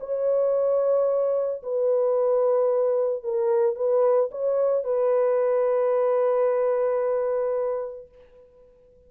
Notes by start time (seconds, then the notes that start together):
0.00 C#5
1.63 B4
3.23 A#4
3.76 B4
4.31 C#5
4.84 B4